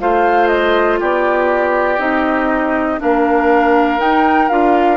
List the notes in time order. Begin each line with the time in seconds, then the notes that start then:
0.00 A3 F4 C5 F5
0.48 D#5
1.00 B3 G4 D5
1.98 C4 D#4 D#5
2.99 A#3 D4 A#4 F5
3.99 D#4 G5
4.49 D4 F4 F5